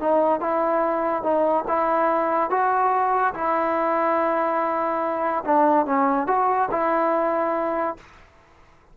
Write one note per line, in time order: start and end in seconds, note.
0.00 0.41 D#4
0.41 1.23 E4
1.23 1.65 D#4
1.68 2.50 E4
2.50 3.34 F#4
3.35 5.44 E4
5.45 5.86 D4
5.86 6.27 C#4
6.27 6.69 F#4
6.72 7.97 E4